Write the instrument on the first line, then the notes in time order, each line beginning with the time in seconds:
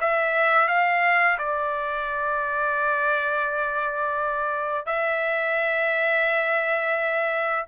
trumpet
0.00 E5
0.68 F5
1.38 D5
4.86 E5